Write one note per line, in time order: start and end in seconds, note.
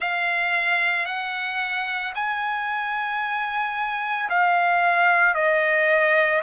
0.00 1.05 F5
1.05 2.12 F#5
2.14 4.29 G#5
4.29 5.34 F5
5.34 6.41 D#5